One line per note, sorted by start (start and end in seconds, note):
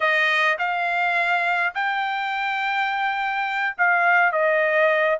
0.00 0.57 D#5
0.58 1.73 F5
1.74 3.76 G5
3.77 4.31 F5
4.31 5.18 D#5